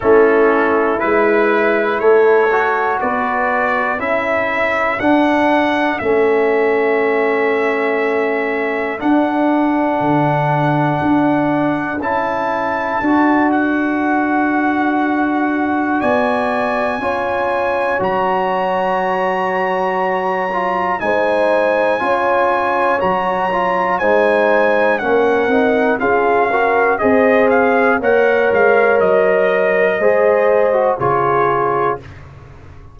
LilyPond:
<<
  \new Staff \with { instrumentName = "trumpet" } { \time 4/4 \tempo 4 = 60 a'4 b'4 cis''4 d''4 | e''4 fis''4 e''2~ | e''4 fis''2. | a''4. fis''2~ fis''8 |
gis''2 ais''2~ | ais''4 gis''2 ais''4 | gis''4 fis''4 f''4 dis''8 f''8 | fis''8 f''8 dis''2 cis''4 | }
  \new Staff \with { instrumentName = "horn" } { \time 4/4 e'2 a'4 b'4 | a'1~ | a'1~ | a'1 |
d''4 cis''2.~ | cis''4 c''4 cis''2 | c''4 ais'4 gis'8 ais'8 c''4 | cis''2 c''4 gis'4 | }
  \new Staff \with { instrumentName = "trombone" } { \time 4/4 cis'4 e'4. fis'4. | e'4 d'4 cis'2~ | cis'4 d'2. | e'4 fis'2.~ |
fis'4 f'4 fis'2~ | fis'8 f'8 dis'4 f'4 fis'8 f'8 | dis'4 cis'8 dis'8 f'8 fis'8 gis'4 | ais'2 gis'8. fis'16 f'4 | }
  \new Staff \with { instrumentName = "tuba" } { \time 4/4 a4 gis4 a4 b4 | cis'4 d'4 a2~ | a4 d'4 d4 d'4 | cis'4 d'2. |
b4 cis'4 fis2~ | fis4 gis4 cis'4 fis4 | gis4 ais8 c'8 cis'4 c'4 | ais8 gis8 fis4 gis4 cis4 | }
>>